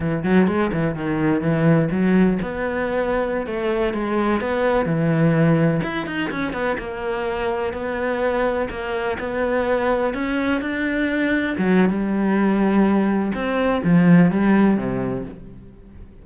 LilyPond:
\new Staff \with { instrumentName = "cello" } { \time 4/4 \tempo 4 = 126 e8 fis8 gis8 e8 dis4 e4 | fis4 b2~ b16 a8.~ | a16 gis4 b4 e4.~ e16~ | e16 e'8 dis'8 cis'8 b8 ais4.~ ais16~ |
ais16 b2 ais4 b8.~ | b4~ b16 cis'4 d'4.~ d'16~ | d'16 fis8. g2. | c'4 f4 g4 c4 | }